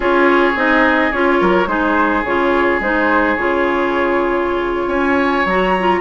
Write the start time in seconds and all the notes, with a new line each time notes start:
0.00 C#4 F4 G#4 C#5
0.55 C4 D#4 D#5
1.11 C#4 F4 C#5
1.40 F#3 A#4
1.66 G#3 D#4 G#4 C5
2.24 C#3 F4 C#5
2.80 G#3 D#4 C5
3.36 C#3 F4 C#5
4.87 C#4 C#5 G#5
5.45 F#3 F#4 A#5
5.79 F4